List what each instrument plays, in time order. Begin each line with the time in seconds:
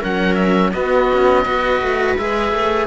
0.00 cello F#3 C#4, viola A#4, oboe F#5
0.35 oboe E5
0.72 cello B3, viola F#4, oboe D#5
1.13 cello C#4
1.44 cello B3 F#4, viola B4
1.81 cello A3
2.17 cello G#3 G#4, oboe E5
2.52 cello A3